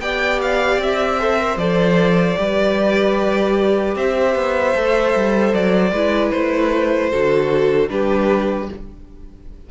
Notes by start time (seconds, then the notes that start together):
0.00 B3 G4 D5 G5
0.42 F5
0.78 C4 E5
1.20 A4 C5
1.39 A#4
1.57 F3 A4 D5
2.37 G3 G4 B4
3.96 C4 C5 E5
4.36 B3
4.74 A3 A4
5.15 G3
5.54 F#3 D5
5.92 G#3 E4 B4
6.31 A3 C5
7.11 D3 F#4 A4
7.89 G3 D4 G4 B4